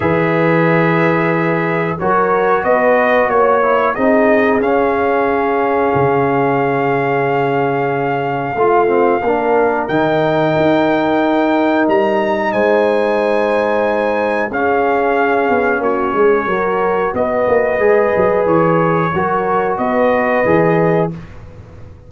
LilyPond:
<<
  \new Staff \with { instrumentName = "trumpet" } { \time 4/4 \tempo 4 = 91 e''2. cis''4 | dis''4 cis''4 dis''4 f''4~ | f''1~ | f''2. g''4~ |
g''2 ais''4 gis''4~ | gis''2 f''2 | cis''2 dis''2 | cis''2 dis''2 | }
  \new Staff \with { instrumentName = "horn" } { \time 4/4 b'2. ais'4 | b'4 cis''4 gis'2~ | gis'1~ | gis'4 f'4 ais'2~ |
ais'2. c''4~ | c''2 gis'2 | fis'8 gis'8 ais'4 b'2~ | b'4 ais'4 b'2 | }
  \new Staff \with { instrumentName = "trombone" } { \time 4/4 gis'2. fis'4~ | fis'4. e'8 dis'4 cis'4~ | cis'1~ | cis'4 f'8 c'8 d'4 dis'4~ |
dis'1~ | dis'2 cis'2~ | cis'4 fis'2 gis'4~ | gis'4 fis'2 gis'4 | }
  \new Staff \with { instrumentName = "tuba" } { \time 4/4 e2. fis4 | b4 ais4 c'4 cis'4~ | cis'4 cis2.~ | cis4 a4 ais4 dis4 |
dis'2 g4 gis4~ | gis2 cis'4. b8 | ais8 gis8 fis4 b8 ais8 gis8 fis8 | e4 fis4 b4 e4 | }
>>